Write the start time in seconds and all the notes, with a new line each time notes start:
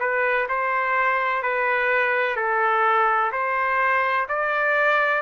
0.00 B4
0.49 C5
1.43 B4
2.36 A4
3.32 C5
4.29 D5